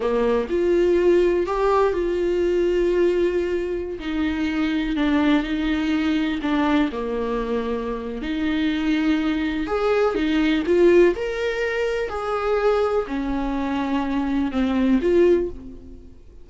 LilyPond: \new Staff \with { instrumentName = "viola" } { \time 4/4 \tempo 4 = 124 ais4 f'2 g'4 | f'1~ | f'16 dis'2 d'4 dis'8.~ | dis'4~ dis'16 d'4 ais4.~ ais16~ |
ais4 dis'2. | gis'4 dis'4 f'4 ais'4~ | ais'4 gis'2 cis'4~ | cis'2 c'4 f'4 | }